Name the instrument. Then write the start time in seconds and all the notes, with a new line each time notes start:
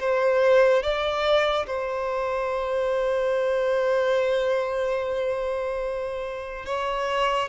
violin
0.00 C5
0.83 D5
1.67 C5
6.66 C#5